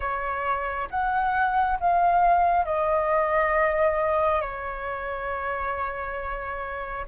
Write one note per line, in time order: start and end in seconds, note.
0.00 0.88 C#5
0.90 1.78 F#5
1.80 2.65 F5
2.65 4.41 D#5
4.41 7.05 C#5